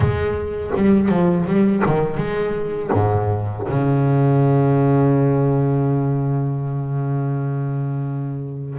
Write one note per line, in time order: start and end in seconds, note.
0.00 0.71 G#3
0.75 1.08 G3
1.08 1.45 F3
1.46 1.82 G3
1.85 2.17 D#3
2.17 2.90 G#3
2.92 3.66 G#2
3.69 8.78 C#3